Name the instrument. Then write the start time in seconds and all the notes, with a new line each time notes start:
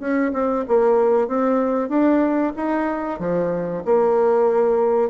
bassoon
0.00 C#4
0.33 C4
0.68 A#3
1.28 C4
1.89 D4
2.56 D#4
3.20 F3
3.85 A#3